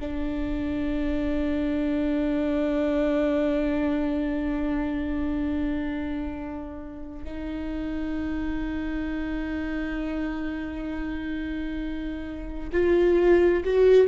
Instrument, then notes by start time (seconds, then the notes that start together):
viola
0.00 D4
7.25 D#4
12.73 F4
13.65 F#4